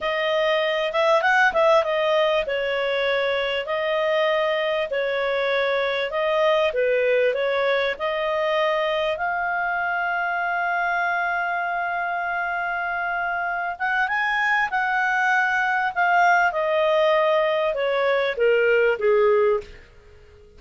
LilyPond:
\new Staff \with { instrumentName = "clarinet" } { \time 4/4 \tempo 4 = 98 dis''4. e''8 fis''8 e''8 dis''4 | cis''2 dis''2 | cis''2 dis''4 b'4 | cis''4 dis''2 f''4~ |
f''1~ | f''2~ f''8 fis''8 gis''4 | fis''2 f''4 dis''4~ | dis''4 cis''4 ais'4 gis'4 | }